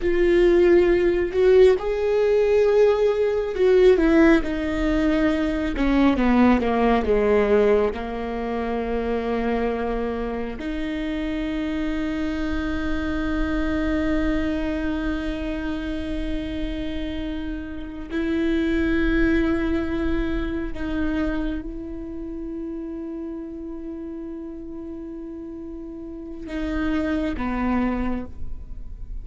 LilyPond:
\new Staff \with { instrumentName = "viola" } { \time 4/4 \tempo 4 = 68 f'4. fis'8 gis'2 | fis'8 e'8 dis'4. cis'8 b8 ais8 | gis4 ais2. | dis'1~ |
dis'1~ | dis'8 e'2. dis'8~ | dis'8 e'2.~ e'8~ | e'2 dis'4 b4 | }